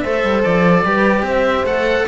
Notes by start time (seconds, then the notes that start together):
0.00 A3 A4 C5 E5
0.24 G3
0.44 F3 D5
0.85 G3 G4 B4
1.22 C4 C5 E5
1.64 A3 A4 F#5